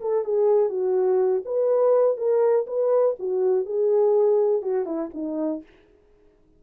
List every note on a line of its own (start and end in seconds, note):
0.00 0.24 A4
0.24 0.69 G#4
0.69 1.42 F#4
1.45 2.17 B4
2.17 2.65 A#4
2.67 3.15 B4
3.19 3.65 F#4
3.65 4.62 G#4
4.62 4.85 F#4
4.85 5.10 E4
5.14 5.62 D#4